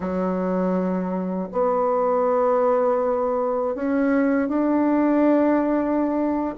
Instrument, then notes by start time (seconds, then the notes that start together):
bassoon
0.00 F#3
1.51 B3
3.75 C#4
4.48 D4